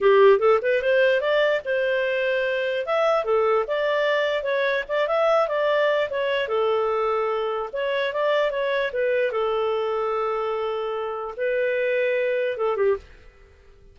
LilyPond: \new Staff \with { instrumentName = "clarinet" } { \time 4/4 \tempo 4 = 148 g'4 a'8 b'8 c''4 d''4 | c''2. e''4 | a'4 d''2 cis''4 | d''8 e''4 d''4. cis''4 |
a'2. cis''4 | d''4 cis''4 b'4 a'4~ | a'1 | b'2. a'8 g'8 | }